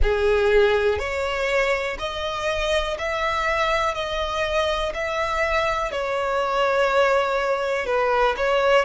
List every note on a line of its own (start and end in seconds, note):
0.02 0.98 G#4
0.98 1.97 C#5
1.99 2.97 D#5
2.98 3.94 E5
3.94 4.92 D#5
4.94 5.91 E5
5.91 7.86 C#5
7.86 8.35 B4
8.37 8.85 C#5